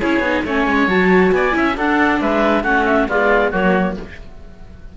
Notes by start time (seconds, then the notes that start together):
0.00 C#4 E4 G#4 C#5
0.19 B3 D#4
0.45 A3 C#4 C#5 G#5
0.67 G#3
0.87 F#3 F#4 A5
1.31 B3 D5 G#5
1.51 C#4 E4 E5
1.77 D4 A4 F#5
2.20 G#3 B4 E5
2.63 A3 C#4 F#4 F#5
2.85 E5
3.08 G#3 B3 F4 D5
3.51 F#3 A#3 F#4 C#5